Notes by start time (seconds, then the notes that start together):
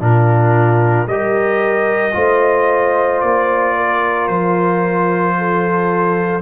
0.00 A#2 D4 F4 A#4
1.06 G3 G4 A#4 D#5
2.12 A3 F4 C5
3.21 A#3 D5
3.76 A#4
4.27 F3 C5
5.38 A4